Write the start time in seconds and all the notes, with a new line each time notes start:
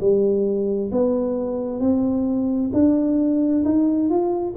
0.00 G3
0.92 B3
1.80 C4
2.73 D4
3.65 D#4
4.10 F4